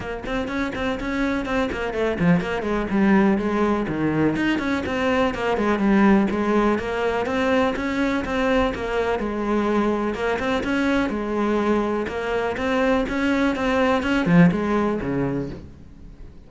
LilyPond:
\new Staff \with { instrumentName = "cello" } { \time 4/4 \tempo 4 = 124 ais8 c'8 cis'8 c'8 cis'4 c'8 ais8 | a8 f8 ais8 gis8 g4 gis4 | dis4 dis'8 cis'8 c'4 ais8 gis8 | g4 gis4 ais4 c'4 |
cis'4 c'4 ais4 gis4~ | gis4 ais8 c'8 cis'4 gis4~ | gis4 ais4 c'4 cis'4 | c'4 cis'8 f8 gis4 cis4 | }